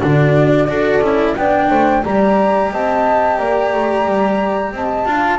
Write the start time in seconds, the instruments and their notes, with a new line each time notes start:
0.00 double bass D3, cello D4, horn F#4, flute D5
0.68 double bass D4, cello F#4, horn A4
1.00 double bass C#4, cello E4
1.36 double bass B3, cello D4, horn D5, flute G5
1.70 double bass A3, horn C5
2.02 double bass G3, cello G4, horn D5, flute A#5
2.72 double bass C4, horn D#5, flute A5
3.38 double bass A#3, horn D5, flute A#5
3.73 double bass A3
4.05 double bass G3
4.71 double bass C4, horn D#5, flute A5
5.06 double bass D4, cello F4, horn F5